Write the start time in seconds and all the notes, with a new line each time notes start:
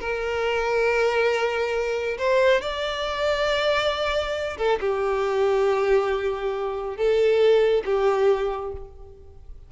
0.00 A#4
2.18 C5
2.61 D5
4.58 A4
4.80 G4
6.96 A4
7.85 G4